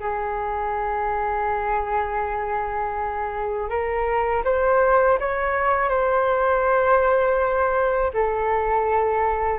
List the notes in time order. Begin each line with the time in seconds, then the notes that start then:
0.00 G#4
3.69 A#4
4.45 C5
5.20 C#5
5.90 C5
8.14 A4